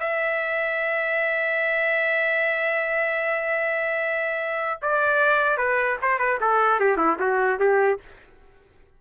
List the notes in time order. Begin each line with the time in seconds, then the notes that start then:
0.00 E5
4.82 D5
5.58 B4
6.02 C5
6.19 B4
6.41 A4
6.80 G4
6.97 E4
7.20 F#4
7.60 G4